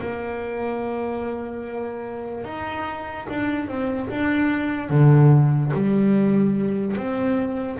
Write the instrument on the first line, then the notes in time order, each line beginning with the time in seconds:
double bass
0.00 A#3
2.44 D#4
3.28 D4
3.68 C4
4.09 D4
4.89 D3
5.73 G3
6.96 C4